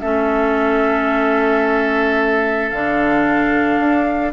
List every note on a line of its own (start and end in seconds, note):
0.00 2.72 A3
0.00 2.72 C#4
0.00 4.33 A4
0.00 2.70 E5
2.70 3.79 D3
2.70 4.33 D4
2.70 4.32 F5
3.79 4.33 D4